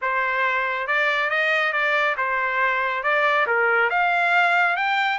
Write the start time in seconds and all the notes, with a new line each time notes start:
0.01 C5
0.87 D5
1.29 D#5
1.72 D5
2.17 C5
3.03 D5
3.46 A#4
3.89 F5
4.76 G5